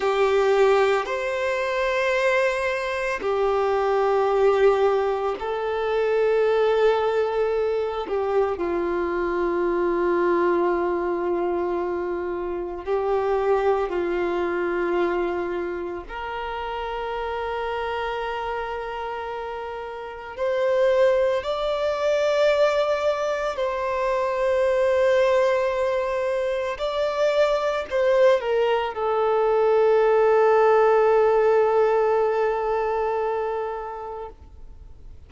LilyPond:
\new Staff \with { instrumentName = "violin" } { \time 4/4 \tempo 4 = 56 g'4 c''2 g'4~ | g'4 a'2~ a'8 g'8 | f'1 | g'4 f'2 ais'4~ |
ais'2. c''4 | d''2 c''2~ | c''4 d''4 c''8 ais'8 a'4~ | a'1 | }